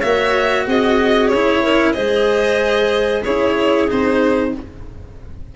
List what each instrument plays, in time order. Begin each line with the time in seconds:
0.00 tuba A#3, cello F#4, clarinet C#5, violin E5
0.66 tuba C4, clarinet G#4, violin D#5
1.28 tuba C#4, violin C#5
1.34 cello E4
1.62 clarinet A#4
1.92 tuba G#3, cello G#4, clarinet C5, violin D#5
3.22 tuba C#4, cello E4, clarinet G#4, violin C#5
3.88 tuba C4, cello D#4, violin C5